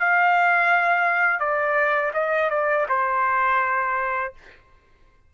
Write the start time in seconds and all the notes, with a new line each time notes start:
0.00 F5
1.40 D5
2.14 D#5
2.51 D5
2.89 C5